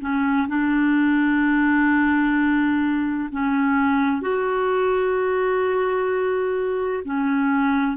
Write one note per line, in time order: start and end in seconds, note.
0.00 0.47 C#4
0.48 3.29 D4
3.32 4.21 C#4
4.21 7.03 F#4
7.04 7.97 C#4